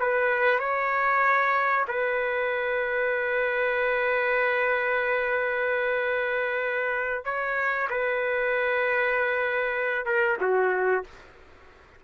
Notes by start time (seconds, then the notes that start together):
0.00 B4
0.60 C#5
1.88 B4
7.25 C#5
7.90 B4
10.06 A#4
10.41 F#4